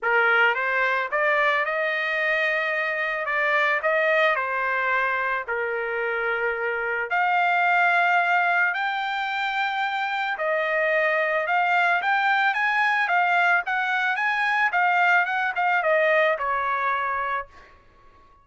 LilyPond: \new Staff \with { instrumentName = "trumpet" } { \time 4/4 \tempo 4 = 110 ais'4 c''4 d''4 dis''4~ | dis''2 d''4 dis''4 | c''2 ais'2~ | ais'4 f''2. |
g''2. dis''4~ | dis''4 f''4 g''4 gis''4 | f''4 fis''4 gis''4 f''4 | fis''8 f''8 dis''4 cis''2 | }